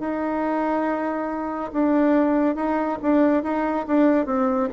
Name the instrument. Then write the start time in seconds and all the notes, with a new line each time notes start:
bassoon
0.00 D#4
1.73 D4
2.56 D#4
3.02 D4
3.43 D#4
3.87 D4
4.26 C4